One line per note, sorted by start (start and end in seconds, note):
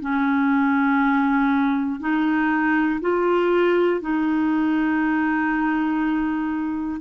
0.00 2.00 C#4
2.00 3.00 D#4
3.00 4.00 F4
4.00 7.00 D#4